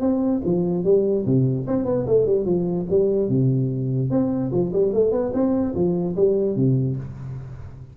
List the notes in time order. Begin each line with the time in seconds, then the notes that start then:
0.00 C4
0.44 F3
0.84 G3
1.25 C3
1.67 C4
1.85 B3
2.06 A3
2.26 G3
2.45 F3
2.89 G3
3.28 C3
4.10 C4
4.51 F3
4.72 G3
4.93 A3
5.11 B3
5.33 C4
5.74 F3
6.15 G3
6.55 C3